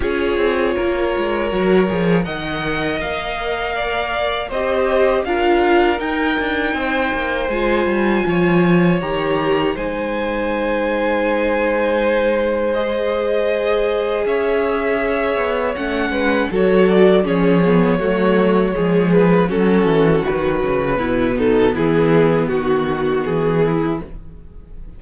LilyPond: <<
  \new Staff \with { instrumentName = "violin" } { \time 4/4 \tempo 4 = 80 cis''2. fis''4 | f''2 dis''4 f''4 | g''2 gis''2 | ais''4 gis''2.~ |
gis''4 dis''2 e''4~ | e''4 fis''4 cis''8 d''8 cis''4~ | cis''4. b'8 a'4 b'4~ | b'8 a'8 gis'4 fis'4 gis'4 | }
  \new Staff \with { instrumentName = "violin" } { \time 4/4 gis'4 ais'2 dis''4~ | dis''4 d''4 c''4 ais'4~ | ais'4 c''2 cis''4~ | cis''4 c''2.~ |
c''2. cis''4~ | cis''4. b'8 a'4 gis'4 | fis'4 gis'4 fis'2 | e'8 dis'8 e'4 fis'4. e'8 | }
  \new Staff \with { instrumentName = "viola" } { \time 4/4 f'2 fis'8 gis'8 ais'4~ | ais'2 g'4 f'4 | dis'2 f'2 | g'4 dis'2.~ |
dis'4 gis'2.~ | gis'4 cis'4 fis'4 cis'8 b8 | a4 gis4 cis'4 fis4 | b1 | }
  \new Staff \with { instrumentName = "cello" } { \time 4/4 cis'8 c'8 ais8 gis8 fis8 f8 dis4 | ais2 c'4 d'4 | dis'8 d'8 c'8 ais8 gis8 g8 f4 | dis4 gis2.~ |
gis2. cis'4~ | cis'8 b8 a8 gis8 fis4 f4 | fis4 f4 fis8 e8 dis8 cis8 | b,4 e4 dis4 e4 | }
>>